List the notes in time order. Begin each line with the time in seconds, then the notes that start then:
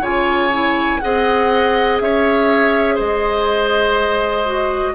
0.00 C#3 F4 C#5 G#5
0.52 E4
1.00 C4 G#4 D#5 F#5
2.00 C#4 C#5 E5
2.94 G#3 C5 D#5
4.45 F#4